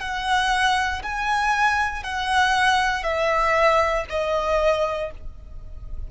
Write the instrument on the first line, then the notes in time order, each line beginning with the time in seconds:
violin
0.00 F#5
1.02 G#5
2.03 F#5
3.03 E5
4.09 D#5